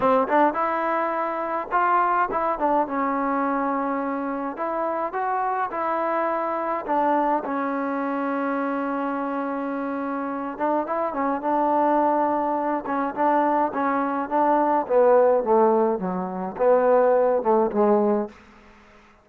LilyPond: \new Staff \with { instrumentName = "trombone" } { \time 4/4 \tempo 4 = 105 c'8 d'8 e'2 f'4 | e'8 d'8 cis'2. | e'4 fis'4 e'2 | d'4 cis'2.~ |
cis'2~ cis'8 d'8 e'8 cis'8 | d'2~ d'8 cis'8 d'4 | cis'4 d'4 b4 a4 | fis4 b4. a8 gis4 | }